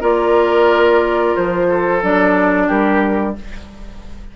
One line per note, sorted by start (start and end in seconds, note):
0.00 1.35 A#3
0.00 2.00 F4
0.00 1.67 A#4
0.00 1.35 D5
1.35 2.02 F3
1.35 2.02 C5
1.69 2.67 A4
2.02 2.69 F#3
2.02 3.35 D4
2.02 2.69 D5
2.67 3.36 G3
2.67 3.34 G4
2.67 3.35 A#4